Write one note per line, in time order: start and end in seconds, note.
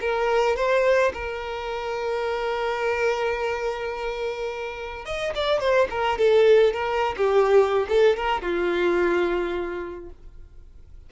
0.00 0.56 A#4
0.56 1.12 C5
1.13 5.05 A#4
5.05 5.33 D#5
5.34 5.59 D5
5.59 5.88 C5
5.90 6.18 A#4
6.18 6.73 A4
6.73 7.15 A#4
7.16 7.87 G4
7.88 8.16 A4
8.16 8.41 A#4
8.41 10.09 F4